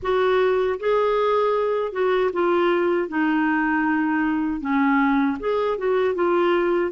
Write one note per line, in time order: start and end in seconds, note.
0.02 0.79 F#4
0.79 1.92 G#4
1.92 2.30 F#4
2.33 3.08 F4
3.08 4.60 D#4
4.60 5.37 C#4
5.39 5.78 G#4
5.78 6.15 F#4
6.15 6.91 F4